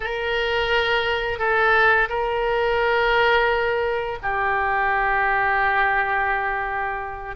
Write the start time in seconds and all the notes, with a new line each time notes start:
0.00 A#4
1.38 A4
2.09 A#4
4.22 G4